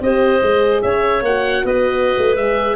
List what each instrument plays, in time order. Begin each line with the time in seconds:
0.00 tuba C4, horn G4, clarinet C5, oboe D#5
0.41 tuba G#3, horn G#4
0.82 tuba C#4, clarinet C#5, oboe E5
1.22 tuba A#3, horn F#4, oboe F#5
1.64 tuba B3, clarinet B4, oboe D#5
2.17 tuba A3
2.36 tuba G#3, horn G#4, oboe E5